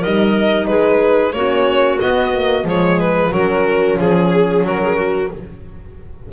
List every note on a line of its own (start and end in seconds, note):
0.00 0.70 G3
0.00 1.34 D#4
0.00 0.66 A#4
0.00 0.67 D#5
0.67 1.33 G#3
0.67 1.34 G#4
0.67 1.32 B4
1.32 1.99 A#3
1.32 2.01 C#4
1.32 2.66 F#4
1.32 1.98 C#5
2.00 2.32 B3
2.00 2.64 B3
2.00 2.66 D#5
2.32 2.65 A#3
2.64 3.30 F3
2.64 3.32 G#3
2.64 3.31 G#4
2.64 3.00 C#5
3.00 3.33 B4
3.31 3.97 F#3
3.31 5.29 C#4
3.31 3.97 F#4
3.31 3.99 A#4
3.98 4.63 F3
3.98 4.65 G#4
3.98 4.66 G#4
4.63 5.29 F#3
4.63 4.82 F#4
4.63 5.32 A#4
4.82 4.95 G#4
4.95 5.28 F#4